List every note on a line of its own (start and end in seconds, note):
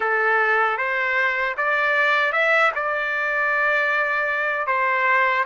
0.00 0.77 A4
0.77 1.55 C5
1.57 2.32 D5
2.32 2.71 E5
2.75 4.66 D5
4.66 5.44 C5